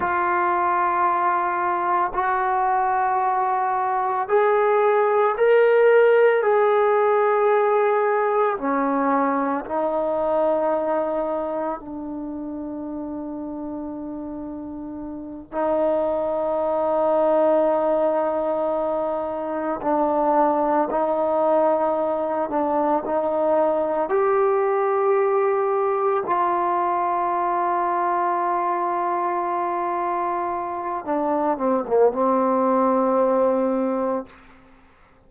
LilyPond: \new Staff \with { instrumentName = "trombone" } { \time 4/4 \tempo 4 = 56 f'2 fis'2 | gis'4 ais'4 gis'2 | cis'4 dis'2 d'4~ | d'2~ d'8 dis'4.~ |
dis'2~ dis'8 d'4 dis'8~ | dis'4 d'8 dis'4 g'4.~ | g'8 f'2.~ f'8~ | f'4 d'8 c'16 ais16 c'2 | }